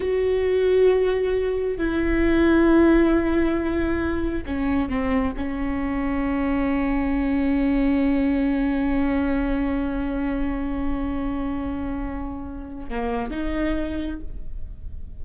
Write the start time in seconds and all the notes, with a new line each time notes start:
0.00 F#4
1.77 E4
4.45 C#4
4.88 C4
5.36 C#4
12.89 A#3
13.30 D#4